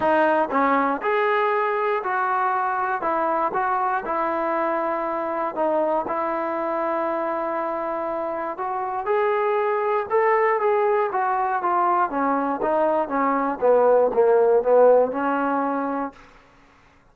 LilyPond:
\new Staff \with { instrumentName = "trombone" } { \time 4/4 \tempo 4 = 119 dis'4 cis'4 gis'2 | fis'2 e'4 fis'4 | e'2. dis'4 | e'1~ |
e'4 fis'4 gis'2 | a'4 gis'4 fis'4 f'4 | cis'4 dis'4 cis'4 b4 | ais4 b4 cis'2 | }